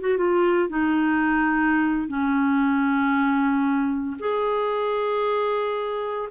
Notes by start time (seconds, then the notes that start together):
0.00 F#4
0.17 F4
0.69 D#4
2.08 C#4
4.20 G#4